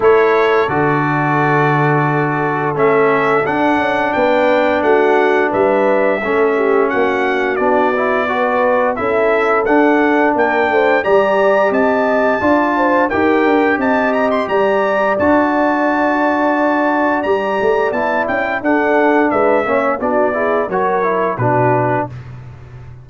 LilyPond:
<<
  \new Staff \with { instrumentName = "trumpet" } { \time 4/4 \tempo 4 = 87 cis''4 d''2. | e''4 fis''4 g''4 fis''4 | e''2 fis''4 d''4~ | d''4 e''4 fis''4 g''4 |
ais''4 a''2 g''4 | a''8 ais''16 c'''16 ais''4 a''2~ | a''4 ais''4 a''8 g''8 fis''4 | e''4 d''4 cis''4 b'4 | }
  \new Staff \with { instrumentName = "horn" } { \time 4/4 a'1~ | a'2 b'4 fis'4 | b'4 a'8 g'8 fis'2 | b'4 a'2 ais'8 c''8 |
d''4 dis''4 d''8 c''8 ais'4 | dis''4 d''2.~ | d''2. a'4 | b'8 cis''8 fis'8 gis'8 ais'4 fis'4 | }
  \new Staff \with { instrumentName = "trombone" } { \time 4/4 e'4 fis'2. | cis'4 d'2.~ | d'4 cis'2 d'8 e'8 | fis'4 e'4 d'2 |
g'2 f'4 g'4~ | g'2 fis'2~ | fis'4 g'4 e'4 d'4~ | d'8 cis'8 d'8 e'8 fis'8 e'8 d'4 | }
  \new Staff \with { instrumentName = "tuba" } { \time 4/4 a4 d2. | a4 d'8 cis'8 b4 a4 | g4 a4 ais4 b4~ | b4 cis'4 d'4 ais8 a8 |
g4 c'4 d'4 dis'8 d'8 | c'4 g4 d'2~ | d'4 g8 a8 b8 cis'8 d'4 | gis8 ais8 b4 fis4 b,4 | }
>>